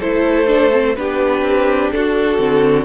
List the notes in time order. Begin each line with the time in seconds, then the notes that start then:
0.00 A3 E4 A4 C5
0.47 D4
0.72 C4
0.96 B3 D4 G4 B4
1.42 C4
1.92 D4 F#4 A4
2.38 D3 C4